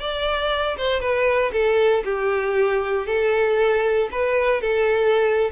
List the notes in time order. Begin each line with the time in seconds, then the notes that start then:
0.00 D5
0.77 C5
1.00 B4
1.52 A4
2.04 G4
3.06 A4
4.11 B4
4.61 A4